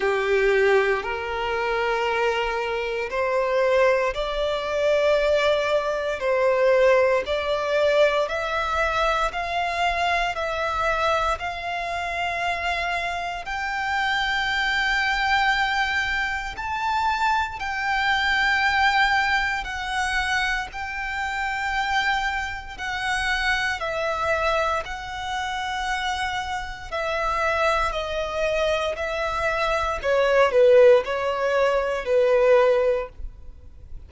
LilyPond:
\new Staff \with { instrumentName = "violin" } { \time 4/4 \tempo 4 = 58 g'4 ais'2 c''4 | d''2 c''4 d''4 | e''4 f''4 e''4 f''4~ | f''4 g''2. |
a''4 g''2 fis''4 | g''2 fis''4 e''4 | fis''2 e''4 dis''4 | e''4 cis''8 b'8 cis''4 b'4 | }